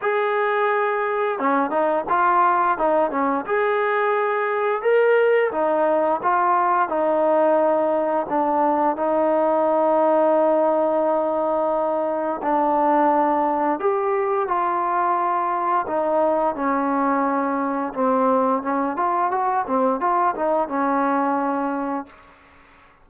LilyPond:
\new Staff \with { instrumentName = "trombone" } { \time 4/4 \tempo 4 = 87 gis'2 cis'8 dis'8 f'4 | dis'8 cis'8 gis'2 ais'4 | dis'4 f'4 dis'2 | d'4 dis'2.~ |
dis'2 d'2 | g'4 f'2 dis'4 | cis'2 c'4 cis'8 f'8 | fis'8 c'8 f'8 dis'8 cis'2 | }